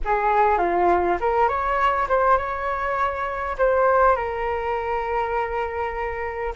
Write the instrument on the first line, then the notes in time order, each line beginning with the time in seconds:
flute
0.04 G#4
0.58 F4
1.20 A#4
1.48 C#5
2.08 C5
2.37 C#5
3.58 C5
4.16 A#4